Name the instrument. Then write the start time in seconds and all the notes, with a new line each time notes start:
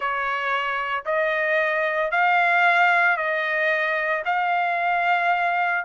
trumpet
0.00 C#5
1.05 D#5
2.11 F5
3.16 D#5
4.25 F5